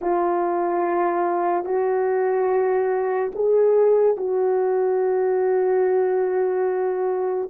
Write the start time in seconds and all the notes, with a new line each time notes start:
0.01 F4
1.64 F#4
3.35 G#4
4.16 F#4